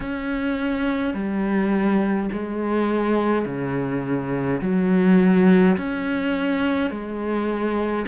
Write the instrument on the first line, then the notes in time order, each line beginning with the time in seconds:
cello
0.00 C#4
1.13 G3
2.32 G#3
3.45 C#3
4.61 F#3
5.77 C#4
6.90 G#3